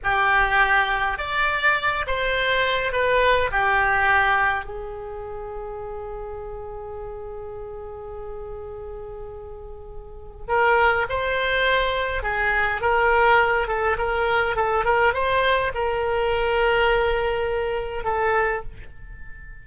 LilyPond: \new Staff \with { instrumentName = "oboe" } { \time 4/4 \tempo 4 = 103 g'2 d''4. c''8~ | c''4 b'4 g'2 | gis'1~ | gis'1~ |
gis'2 ais'4 c''4~ | c''4 gis'4 ais'4. a'8 | ais'4 a'8 ais'8 c''4 ais'4~ | ais'2. a'4 | }